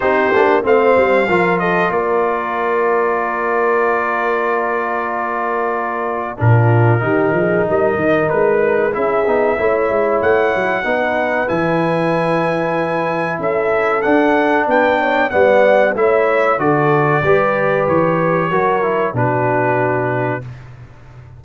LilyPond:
<<
  \new Staff \with { instrumentName = "trumpet" } { \time 4/4 \tempo 4 = 94 c''4 f''4. dis''8 d''4~ | d''1~ | d''2 ais'2 | dis''4 b'4 e''2 |
fis''2 gis''2~ | gis''4 e''4 fis''4 g''4 | fis''4 e''4 d''2 | cis''2 b'2 | }
  \new Staff \with { instrumentName = "horn" } { \time 4/4 g'4 c''4 ais'8 a'8 ais'4~ | ais'1~ | ais'2 f'4 g'8 gis'8 | ais'2 gis'4 cis''4~ |
cis''4 b'2.~ | b'4 a'2 b'8 cis''8 | d''4 cis''4 a'4 b'4~ | b'4 ais'4 fis'2 | }
  \new Staff \with { instrumentName = "trombone" } { \time 4/4 dis'8 d'8 c'4 f'2~ | f'1~ | f'2 d'4 dis'4~ | dis'2 e'8 dis'8 e'4~ |
e'4 dis'4 e'2~ | e'2 d'2 | b4 e'4 fis'4 g'4~ | g'4 fis'8 e'8 d'2 | }
  \new Staff \with { instrumentName = "tuba" } { \time 4/4 c'8 ais8 a8 g8 f4 ais4~ | ais1~ | ais2 ais,4 dis8 f8 | g8 dis8 gis4 cis'8 b8 a8 gis8 |
a8 fis8 b4 e2~ | e4 cis'4 d'4 b4 | g4 a4 d4 g4 | e4 fis4 b,2 | }
>>